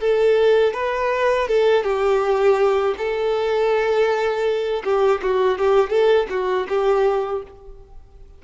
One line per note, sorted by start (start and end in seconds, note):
0.00 0.73 A4
0.73 1.47 B4
1.48 1.84 A4
1.84 2.95 G4
2.98 4.83 A4
4.84 5.21 G4
5.22 5.58 F#4
5.58 5.90 G4
5.90 6.27 A4
6.30 6.67 F#4
6.69 7.43 G4